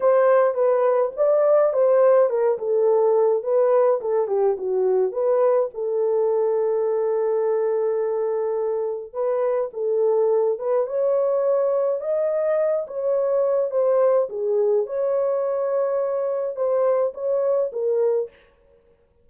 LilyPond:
\new Staff \with { instrumentName = "horn" } { \time 4/4 \tempo 4 = 105 c''4 b'4 d''4 c''4 | ais'8 a'4. b'4 a'8 g'8 | fis'4 b'4 a'2~ | a'1 |
b'4 a'4. b'8 cis''4~ | cis''4 dis''4. cis''4. | c''4 gis'4 cis''2~ | cis''4 c''4 cis''4 ais'4 | }